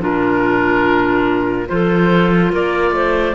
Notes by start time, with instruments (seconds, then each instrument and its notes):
0.00 cello A#2, clarinet D4 F4, oboe A#4
1.67 cello F3, clarinet F4 A4, oboe C5
2.52 cello A#3, clarinet A#4, oboe D5
2.91 cello A3, clarinet C5